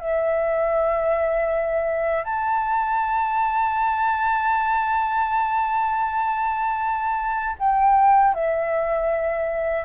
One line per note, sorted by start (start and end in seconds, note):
0.00 2.24 E5
2.24 7.56 A5
7.59 8.34 G5
8.34 9.85 E5